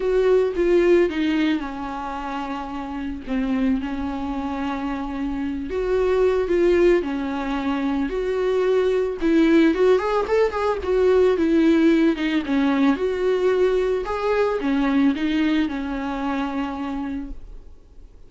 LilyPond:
\new Staff \with { instrumentName = "viola" } { \time 4/4 \tempo 4 = 111 fis'4 f'4 dis'4 cis'4~ | cis'2 c'4 cis'4~ | cis'2~ cis'8 fis'4. | f'4 cis'2 fis'4~ |
fis'4 e'4 fis'8 gis'8 a'8 gis'8 | fis'4 e'4. dis'8 cis'4 | fis'2 gis'4 cis'4 | dis'4 cis'2. | }